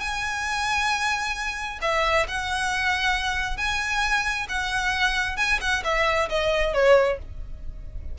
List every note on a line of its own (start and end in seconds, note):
0.00 1.79 G#5
1.82 2.26 E5
2.28 3.57 F#5
3.57 4.47 G#5
4.49 5.37 F#5
5.37 5.59 G#5
5.61 5.83 F#5
5.84 6.29 E5
6.29 6.74 D#5
6.74 7.18 C#5